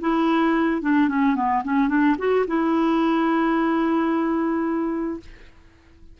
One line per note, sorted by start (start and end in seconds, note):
0.00 0.81 E4
0.81 1.08 D4
1.08 1.35 C#4
1.35 1.62 B3
1.64 1.88 C#4
1.88 2.15 D4
2.18 2.45 F#4
2.47 5.20 E4